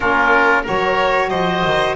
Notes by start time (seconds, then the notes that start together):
0.00 A#3 C#4 F4 A#4
0.62 F#3 F#4 A#4 C#5
1.29 F3 C5 D#5
1.65 D#3